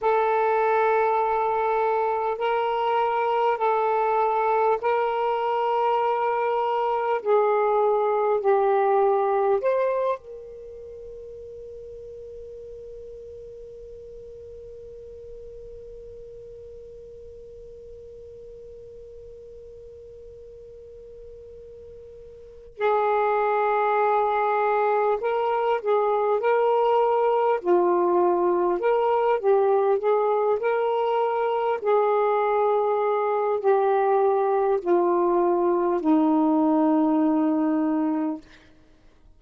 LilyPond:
\new Staff \with { instrumentName = "saxophone" } { \time 4/4 \tempo 4 = 50 a'2 ais'4 a'4 | ais'2 gis'4 g'4 | c''8 ais'2.~ ais'8~ | ais'1~ |
ais'2. gis'4~ | gis'4 ais'8 gis'8 ais'4 f'4 | ais'8 g'8 gis'8 ais'4 gis'4. | g'4 f'4 dis'2 | }